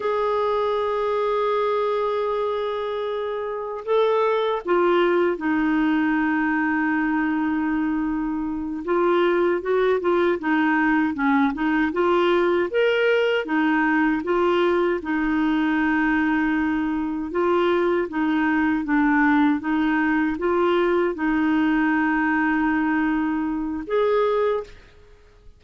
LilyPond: \new Staff \with { instrumentName = "clarinet" } { \time 4/4 \tempo 4 = 78 gis'1~ | gis'4 a'4 f'4 dis'4~ | dis'2.~ dis'8 f'8~ | f'8 fis'8 f'8 dis'4 cis'8 dis'8 f'8~ |
f'8 ais'4 dis'4 f'4 dis'8~ | dis'2~ dis'8 f'4 dis'8~ | dis'8 d'4 dis'4 f'4 dis'8~ | dis'2. gis'4 | }